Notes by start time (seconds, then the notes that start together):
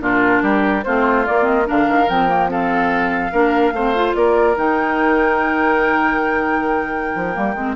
0.00 A#2 D4 F4 A#4
0.43 G3 G4
0.84 A3 C4 F4 C5
1.26 A#3 D5
1.43 C4 D#5
1.66 D3 D4 A#4 F5
1.89 D#3
2.09 F3 C4 G5
2.29 A#3
2.49 C4 A4 F5
3.32 A#3 D4 A#4
3.73 A3 C4 C5
3.95 F4
4.15 A#3 A#4 D5
4.57 D#3 D#4 G5
7.16 F3
7.34 G3 A#3
7.55 G#3 C4